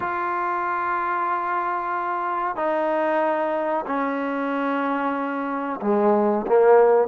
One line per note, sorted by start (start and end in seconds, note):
0.00 2.56 F4
2.56 3.85 D#4
3.86 5.80 C#4
5.81 6.45 G#3
6.46 7.08 A#3